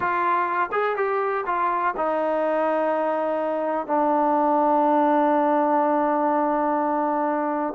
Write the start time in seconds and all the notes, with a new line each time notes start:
0.00 F4
0.72 G#4
0.96 G4
1.46 F4
1.96 D#4
3.86 D4